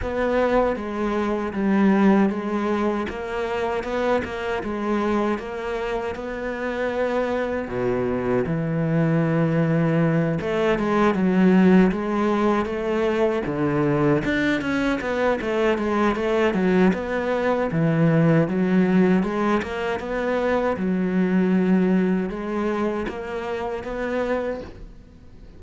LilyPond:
\new Staff \with { instrumentName = "cello" } { \time 4/4 \tempo 4 = 78 b4 gis4 g4 gis4 | ais4 b8 ais8 gis4 ais4 | b2 b,4 e4~ | e4. a8 gis8 fis4 gis8~ |
gis8 a4 d4 d'8 cis'8 b8 | a8 gis8 a8 fis8 b4 e4 | fis4 gis8 ais8 b4 fis4~ | fis4 gis4 ais4 b4 | }